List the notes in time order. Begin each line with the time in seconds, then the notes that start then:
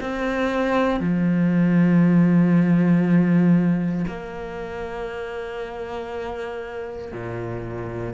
0.00 C4
1.00 F3
4.07 A#3
7.12 A#2